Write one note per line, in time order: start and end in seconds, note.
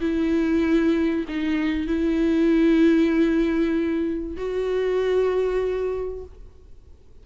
0.00 1.25 E4
1.28 1.87 D#4
1.87 4.36 E4
4.36 6.24 F#4